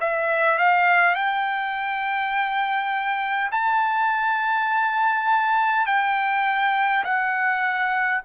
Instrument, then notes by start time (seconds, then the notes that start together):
trumpet
0.00 E5
0.58 F5
1.14 G5
3.51 A5
5.86 G5
7.04 F#5